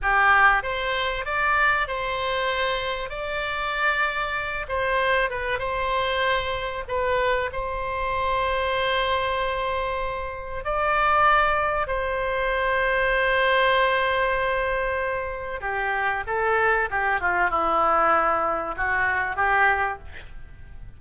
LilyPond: \new Staff \with { instrumentName = "oboe" } { \time 4/4 \tempo 4 = 96 g'4 c''4 d''4 c''4~ | c''4 d''2~ d''8 c''8~ | c''8 b'8 c''2 b'4 | c''1~ |
c''4 d''2 c''4~ | c''1~ | c''4 g'4 a'4 g'8 f'8 | e'2 fis'4 g'4 | }